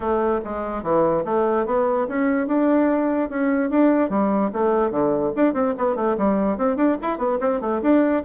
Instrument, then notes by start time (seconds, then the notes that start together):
bassoon
0.00 A3
0.44 G#3
0.82 E3
1.25 A3
1.66 B3
2.08 C#4
2.47 D4
3.29 C#4
3.69 D4
4.09 G3
4.52 A3
4.90 D3
5.36 D4
5.53 C4
5.77 B3
5.95 A3
6.17 G3
6.57 C4
6.76 D4
7.01 E4
7.17 B3
7.40 C4
7.60 A3
7.82 D4